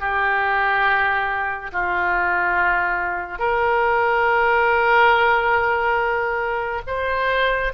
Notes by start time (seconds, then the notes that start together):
0.00 G4
1.73 F4
3.39 A#4
6.87 C5